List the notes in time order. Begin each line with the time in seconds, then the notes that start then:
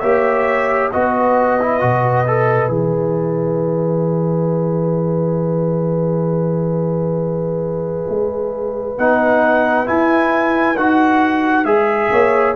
0.00 A#3 G4 C#5 E5
0.92 B3 F#4 B4 D#5
1.60 E4
1.80 B2 F#4
2.27 A4
2.69 E3 G#4 E5
8.09 G#3
8.98 B3 D#4 F#5
9.86 E4 G#5
10.76 D#4 F#4 F#5
11.65 G#3 G#4 E5
12.11 A#3 C#5